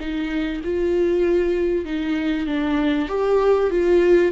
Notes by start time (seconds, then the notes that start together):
0.00 D#4
0.64 F4
1.85 D#4
2.47 D4
3.09 G4
3.71 F4